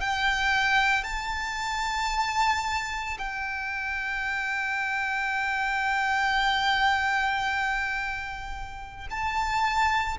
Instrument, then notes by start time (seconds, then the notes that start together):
violin
0.00 G5
1.03 A5
3.18 G5
9.10 A5